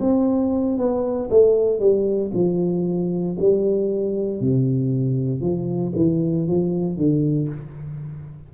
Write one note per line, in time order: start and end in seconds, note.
0.00 0.78 C4
0.78 1.29 B3
1.30 1.80 A3
1.80 2.31 G3
2.34 3.37 F3
3.39 4.41 G3
4.41 5.41 C3
5.41 5.93 F3
5.96 6.47 E3
6.48 6.97 F3
6.97 7.49 D3